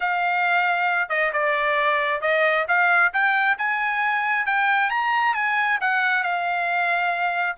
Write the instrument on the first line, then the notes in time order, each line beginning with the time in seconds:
trumpet
0.00 F5
1.09 D#5
1.33 D5
2.21 D#5
2.68 F5
3.13 G5
3.58 G#5
4.46 G5
4.90 A#5
5.34 G#5
5.80 F#5
6.23 F5